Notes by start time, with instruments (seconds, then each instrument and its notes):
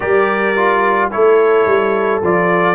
0.00 tuba G3, trombone G4, horn A#4, trumpet D5
0.55 trombone F4
1.11 tuba A3, trombone E4, horn A4, trumpet C#5
1.66 tuba G3
2.22 tuba F3, trombone F4, trumpet D5